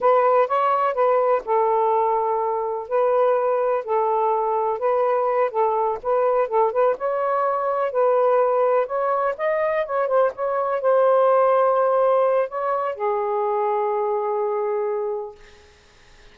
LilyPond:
\new Staff \with { instrumentName = "saxophone" } { \time 4/4 \tempo 4 = 125 b'4 cis''4 b'4 a'4~ | a'2 b'2 | a'2 b'4. a'8~ | a'8 b'4 a'8 b'8 cis''4.~ |
cis''8 b'2 cis''4 dis''8~ | dis''8 cis''8 c''8 cis''4 c''4.~ | c''2 cis''4 gis'4~ | gis'1 | }